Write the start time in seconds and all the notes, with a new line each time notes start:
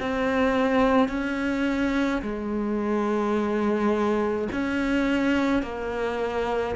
0.00 C4
1.08 C#4
2.22 G#3
4.52 C#4
5.62 A#3